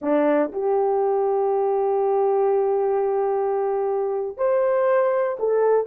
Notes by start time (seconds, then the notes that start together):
0.01 D4
0.52 G4
4.37 C5
5.39 A4